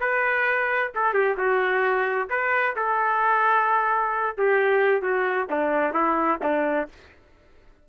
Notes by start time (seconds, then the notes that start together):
0.00 B4
0.95 A4
1.13 G4
1.37 F#4
2.29 B4
2.76 A4
4.37 G4
5.01 F#4
5.50 D4
5.94 E4
6.42 D4